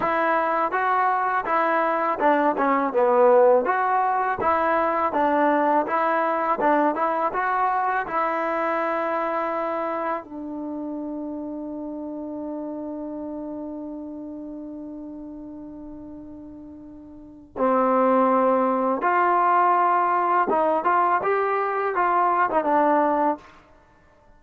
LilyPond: \new Staff \with { instrumentName = "trombone" } { \time 4/4 \tempo 4 = 82 e'4 fis'4 e'4 d'8 cis'8 | b4 fis'4 e'4 d'4 | e'4 d'8 e'8 fis'4 e'4~ | e'2 d'2~ |
d'1~ | d'1 | c'2 f'2 | dis'8 f'8 g'4 f'8. dis'16 d'4 | }